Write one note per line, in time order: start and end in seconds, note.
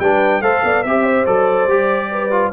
0.00 0.41 G3
0.00 0.43 D4
0.00 0.43 B4
0.00 0.42 G5
0.41 0.62 A3
0.41 0.85 A4
0.41 0.64 C5
0.41 0.83 F5
0.64 0.85 B3
0.64 0.86 D5
0.83 1.27 C4
0.83 1.26 G4
0.83 1.25 E5
0.83 1.04 E5
1.04 2.09 C5
1.26 1.66 F#3
1.26 1.68 A4
1.26 2.52 D5
1.66 2.50 G3
1.66 2.32 G4
2.12 2.53 B4
2.32 2.53 F4